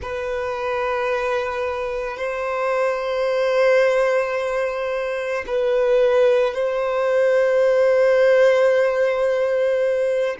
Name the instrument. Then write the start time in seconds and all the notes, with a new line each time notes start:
violin
0.01 B4
2.17 C5
5.46 B4
6.54 C5